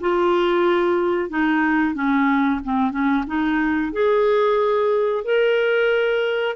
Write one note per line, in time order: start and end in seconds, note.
0.00 1.29 F4
1.29 1.94 D#4
1.94 2.60 C#4
2.64 2.91 C4
2.91 3.24 C#4
3.27 3.92 D#4
3.92 5.24 G#4
5.24 6.56 A#4